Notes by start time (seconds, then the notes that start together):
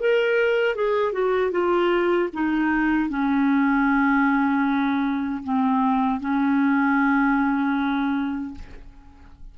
0.00 A#4
0.76 G#4
1.13 F#4
1.52 F4
2.34 D#4
3.10 C#4
5.44 C4
6.21 C#4